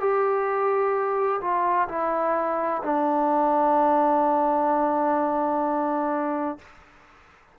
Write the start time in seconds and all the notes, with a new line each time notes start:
0.00 G4
1.41 F4
1.89 E4
2.84 D4